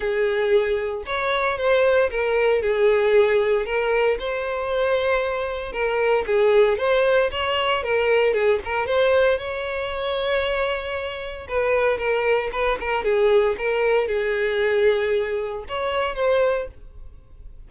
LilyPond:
\new Staff \with { instrumentName = "violin" } { \time 4/4 \tempo 4 = 115 gis'2 cis''4 c''4 | ais'4 gis'2 ais'4 | c''2. ais'4 | gis'4 c''4 cis''4 ais'4 |
gis'8 ais'8 c''4 cis''2~ | cis''2 b'4 ais'4 | b'8 ais'8 gis'4 ais'4 gis'4~ | gis'2 cis''4 c''4 | }